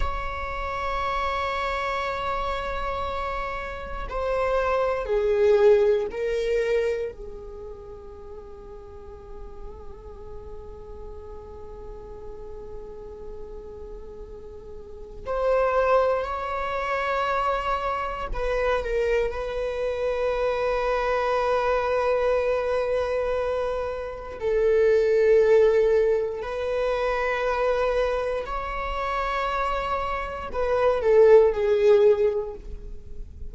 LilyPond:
\new Staff \with { instrumentName = "viola" } { \time 4/4 \tempo 4 = 59 cis''1 | c''4 gis'4 ais'4 gis'4~ | gis'1~ | gis'2. c''4 |
cis''2 b'8 ais'8 b'4~ | b'1 | a'2 b'2 | cis''2 b'8 a'8 gis'4 | }